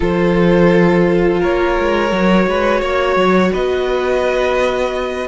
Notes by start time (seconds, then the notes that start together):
0.00 F3 F4 A4 C5
1.40 A#3 A#4 C#5
1.79 G#3
2.11 F#3 F#4
2.47 G#3 B4
2.81 A#3 C#5
3.16 F#3
3.52 B3 B4 D#5